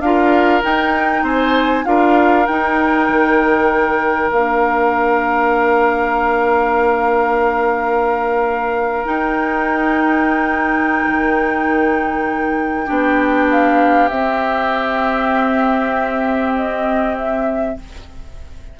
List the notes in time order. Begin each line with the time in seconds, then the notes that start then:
0.00 D4 F4 A#4 F5
0.62 D#4 G5
1.23 C4 C5 G#5
1.84 D4 F4 A#4 F5
2.46 D#4 G5
3.09 D#3
4.31 A#3 D4 F5
9.05 D#4 G5
11.07 D#3
12.85 B3 D4 G4
13.50 F5
14.09 C4 E5
16.56 D#5
17.17 E5